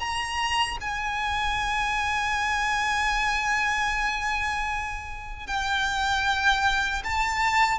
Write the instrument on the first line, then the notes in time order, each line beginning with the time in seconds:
violin
0.00 A#5
0.81 G#5
5.47 G5
7.04 A5